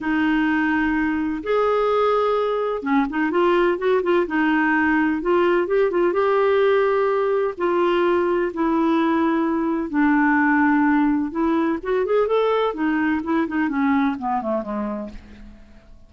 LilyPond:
\new Staff \with { instrumentName = "clarinet" } { \time 4/4 \tempo 4 = 127 dis'2. gis'4~ | gis'2 cis'8 dis'8 f'4 | fis'8 f'8 dis'2 f'4 | g'8 f'8 g'2. |
f'2 e'2~ | e'4 d'2. | e'4 fis'8 gis'8 a'4 dis'4 | e'8 dis'8 cis'4 b8 a8 gis4 | }